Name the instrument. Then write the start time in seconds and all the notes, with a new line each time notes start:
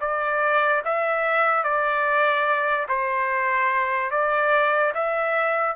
trumpet
0.00 D5
0.84 E5
1.63 D5
2.88 C5
4.10 D5
4.94 E5